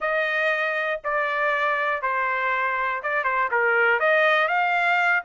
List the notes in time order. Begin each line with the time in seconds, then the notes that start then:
0.00 D#5
1.04 D5
2.02 C5
3.02 D5
3.24 C5
3.51 A#4
3.99 D#5
4.48 F5